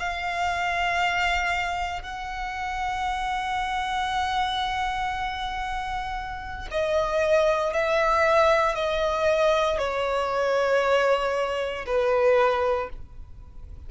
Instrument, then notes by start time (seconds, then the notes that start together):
violin
0.00 F5
2.03 F#5
6.71 D#5
7.74 E5
8.76 D#5
9.79 C#5
11.87 B4